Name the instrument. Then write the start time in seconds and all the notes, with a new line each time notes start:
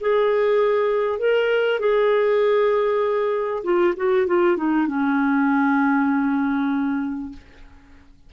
clarinet
0.00 G#4
1.19 A#4
1.79 G#4
3.63 F4
3.96 F#4
4.27 F4
4.57 D#4
4.87 C#4